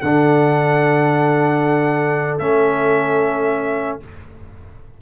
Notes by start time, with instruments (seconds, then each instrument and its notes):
0.00 tuba D3, trombone D4, horn A4, trumpet F#5
2.38 tuba A3, trombone C#4, trumpet E5